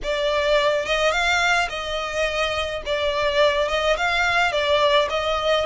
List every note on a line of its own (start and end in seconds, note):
0.03 0.85 D5
0.85 1.11 D#5
1.11 1.68 F5
1.69 2.82 D#5
2.85 3.68 D5
3.68 3.96 D#5
3.96 4.52 F5
4.52 5.08 D5
5.09 5.65 D#5